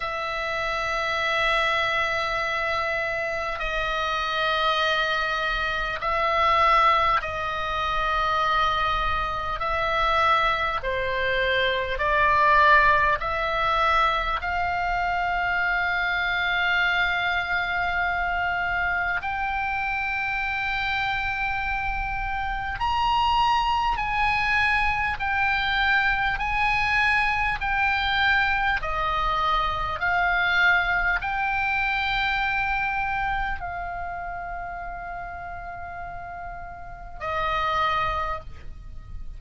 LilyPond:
\new Staff \with { instrumentName = "oboe" } { \time 4/4 \tempo 4 = 50 e''2. dis''4~ | dis''4 e''4 dis''2 | e''4 c''4 d''4 e''4 | f''1 |
g''2. ais''4 | gis''4 g''4 gis''4 g''4 | dis''4 f''4 g''2 | f''2. dis''4 | }